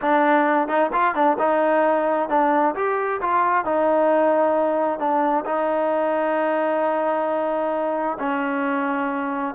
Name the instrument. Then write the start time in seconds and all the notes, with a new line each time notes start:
trombone
0.01 D4
0.67 D#4
0.92 F4
1.14 D4
1.38 D#4
2.29 D4
2.75 G4
3.21 F4
3.65 D#4
4.99 D4
5.45 D#4
8.19 C#4